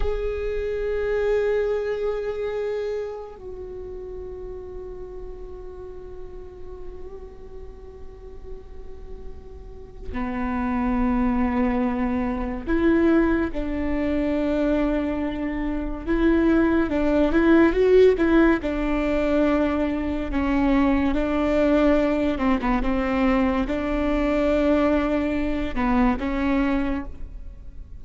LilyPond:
\new Staff \with { instrumentName = "viola" } { \time 4/4 \tempo 4 = 71 gis'1 | fis'1~ | fis'1 | b2. e'4 |
d'2. e'4 | d'8 e'8 fis'8 e'8 d'2 | cis'4 d'4. c'16 b16 c'4 | d'2~ d'8 b8 cis'4 | }